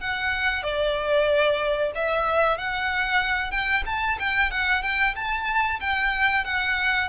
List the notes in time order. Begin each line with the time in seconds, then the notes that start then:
0.00 F#5
0.63 D5
1.95 E5
2.58 F#5
3.51 G5
3.86 A5
4.19 G5
4.51 F#5
4.82 G5
5.15 A5
5.80 G5
6.45 F#5